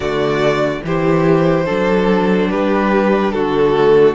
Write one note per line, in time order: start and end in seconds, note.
0.00 0.81 D3
0.00 0.84 A3
0.00 0.81 F#4
0.00 0.82 D5
0.84 1.67 E3
0.84 1.65 E4
0.84 1.65 G4
0.84 2.50 C5
1.65 2.53 F#3
1.65 3.73 D4
1.65 2.49 A4
2.50 3.35 G3
2.50 3.34 G4
2.50 3.31 B4
3.31 4.14 D3
3.31 4.14 F#4
3.31 4.14 A4
3.73 4.14 A3